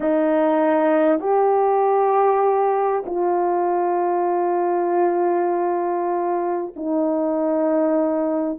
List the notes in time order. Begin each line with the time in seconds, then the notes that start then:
0.00 D#4
1.20 G4
3.06 F4
6.76 D#4